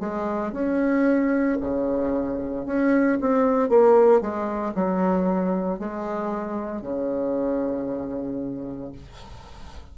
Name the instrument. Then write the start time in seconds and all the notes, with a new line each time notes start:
bassoon
0.00 G#3
0.52 C#4
1.60 C#3
2.66 C#4
3.21 C4
3.69 A#3
4.21 G#3
4.75 F#3
5.79 G#3
6.81 C#3